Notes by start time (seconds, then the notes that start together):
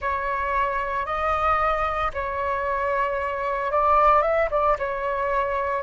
0.01 C#5
1.05 D#5
2.13 C#5
3.71 D5
4.22 E5
4.50 D5
4.78 C#5